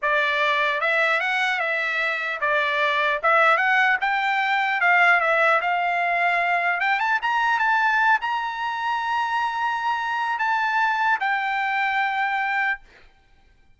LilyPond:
\new Staff \with { instrumentName = "trumpet" } { \time 4/4 \tempo 4 = 150 d''2 e''4 fis''4 | e''2 d''2 | e''4 fis''4 g''2 | f''4 e''4 f''2~ |
f''4 g''8 a''8 ais''4 a''4~ | a''8 ais''2.~ ais''8~ | ais''2 a''2 | g''1 | }